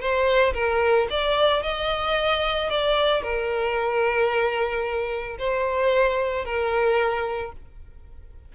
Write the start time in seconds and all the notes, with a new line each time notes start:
0.00 C5
0.54 A#4
1.10 D5
1.63 D#5
2.70 D5
3.23 A#4
5.39 C5
6.45 A#4